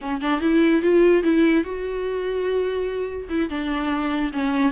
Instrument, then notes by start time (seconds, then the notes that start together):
viola
0.01 C#4
0.21 D4
0.40 E4
0.81 F4
1.23 E4
1.64 F#4
3.29 E4
3.49 D4
4.33 C#4